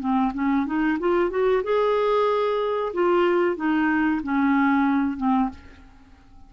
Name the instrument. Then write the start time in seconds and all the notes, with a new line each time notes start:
clarinet
0.00 C4
0.34 C#4
0.66 D#4
1.00 F4
1.30 F#4
1.64 G#4
2.94 F4
3.57 D#4
4.23 C#4
5.17 C4